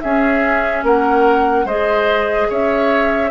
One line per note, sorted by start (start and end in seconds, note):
0.00 0.83 C#4
0.00 1.67 C#4
0.00 0.84 G#4
0.00 0.82 E5
0.83 1.64 A#3
0.83 1.65 A#4
0.83 1.67 F#5
1.64 2.47 G#3
1.64 3.30 G#4
1.64 2.47 C5
1.64 2.49 D#5
2.49 3.30 C#4
2.49 3.30 C#5
2.49 3.30 E5